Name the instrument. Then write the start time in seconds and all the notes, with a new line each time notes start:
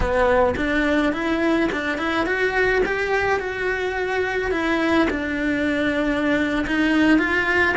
cello
0.00 B3
0.56 D4
1.12 E4
1.72 D4
1.98 E4
2.26 F#4
2.85 G4
3.39 F#4
4.51 E4
5.09 D4
6.66 D#4
7.18 F4